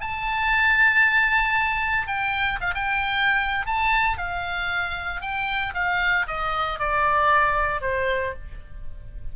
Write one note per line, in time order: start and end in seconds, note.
0.00 2.07 A5
2.07 2.59 G5
2.60 2.73 F5
2.74 3.65 G5
3.65 4.17 A5
4.17 5.21 F5
5.21 5.73 G5
5.74 6.26 F5
6.27 6.79 D#5
6.79 7.81 D5
7.81 8.33 C5